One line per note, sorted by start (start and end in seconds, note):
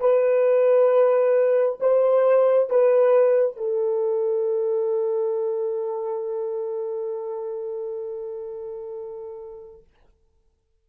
0.00 1.79 B4
1.80 2.70 C5
2.70 3.57 B4
3.57 9.83 A4